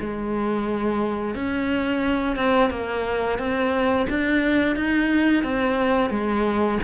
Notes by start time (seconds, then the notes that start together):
0.00 G#3
1.35 C#4
2.36 C4
2.70 A#3
3.38 C4
4.09 D4
4.75 D#4
5.43 C4
6.10 G#3